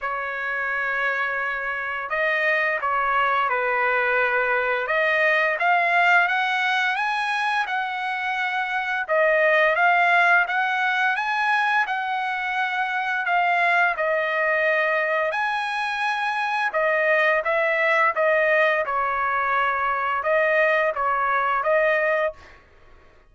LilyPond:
\new Staff \with { instrumentName = "trumpet" } { \time 4/4 \tempo 4 = 86 cis''2. dis''4 | cis''4 b'2 dis''4 | f''4 fis''4 gis''4 fis''4~ | fis''4 dis''4 f''4 fis''4 |
gis''4 fis''2 f''4 | dis''2 gis''2 | dis''4 e''4 dis''4 cis''4~ | cis''4 dis''4 cis''4 dis''4 | }